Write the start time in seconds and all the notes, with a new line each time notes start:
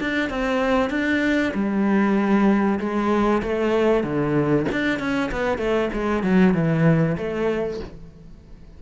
0.00 D4
0.29 C4
0.90 D4
1.54 G3
2.79 G#3
3.42 A3
4.03 D3
4.72 D4
4.99 C#4
5.31 B3
5.58 A3
5.93 G#3
6.23 F#3
6.54 E3
7.17 A3